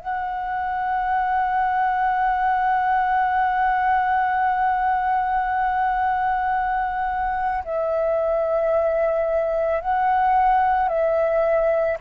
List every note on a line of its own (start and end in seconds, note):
0.00 7.64 F#5
7.65 9.81 E5
9.81 10.88 F#5
10.88 11.98 E5